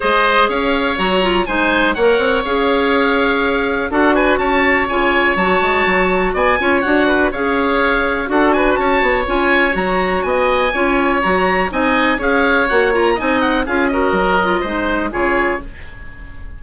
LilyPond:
<<
  \new Staff \with { instrumentName = "oboe" } { \time 4/4 \tempo 4 = 123 dis''4 f''4 ais''4 gis''4 | fis''4 f''2. | fis''8 gis''8 a''4 gis''4 a''4~ | a''4 gis''4 fis''4 f''4~ |
f''4 fis''8 gis''8 a''4 gis''4 | ais''4 gis''2 ais''4 | gis''4 f''4 fis''8 ais''8 gis''8 fis''8 | f''8 dis''2~ dis''8 cis''4 | }
  \new Staff \with { instrumentName = "oboe" } { \time 4/4 c''4 cis''2 c''4 | cis''1 | a'8 b'8 cis''2.~ | cis''4 d''8 cis''4 b'8 cis''4~ |
cis''4 a'8 b'8 cis''2~ | cis''4 dis''4 cis''2 | dis''4 cis''2 dis''4 | gis'8 ais'4. c''4 gis'4 | }
  \new Staff \with { instrumentName = "clarinet" } { \time 4/4 gis'2 fis'8 f'8 dis'4 | ais'4 gis'2. | fis'2 f'4 fis'4~ | fis'4. f'8 fis'4 gis'4~ |
gis'4 fis'2 f'4 | fis'2 f'4 fis'4 | dis'4 gis'4 fis'8 f'8 dis'4 | f'8 fis'4 f'8 dis'4 f'4 | }
  \new Staff \with { instrumentName = "bassoon" } { \time 4/4 gis4 cis'4 fis4 gis4 | ais8 c'8 cis'2. | d'4 cis'4 cis4 fis8 gis8 | fis4 b8 cis'8 d'4 cis'4~ |
cis'4 d'4 cis'8 b8 cis'4 | fis4 b4 cis'4 fis4 | c'4 cis'4 ais4 c'4 | cis'4 fis4 gis4 cis4 | }
>>